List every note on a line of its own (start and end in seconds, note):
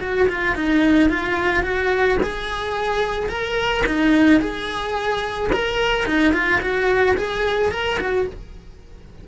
0.00 0.28 F#4
0.28 0.55 F4
0.55 1.09 D#4
1.09 1.63 F4
1.63 2.18 F#4
2.22 3.29 G#4
3.29 3.84 A#4
3.86 4.40 D#4
4.40 5.50 G#4
5.52 6.06 A#4
6.06 6.33 D#4
6.33 6.60 F4
6.61 7.16 F#4
7.17 7.71 G#4
7.71 7.99 A#4
7.99 8.27 F#4